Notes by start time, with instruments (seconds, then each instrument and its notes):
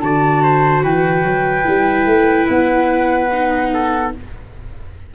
0.00 tuba D3, viola F#4, trumpet D5, flute A5
0.43 trumpet C5
0.83 tuba E3, trumpet B4, flute G5
1.23 tuba F#3
1.64 tuba G3, viola E4
2.06 tuba A3
2.49 tuba B3, flute F#5
3.32 viola D#4
3.73 trumpet A4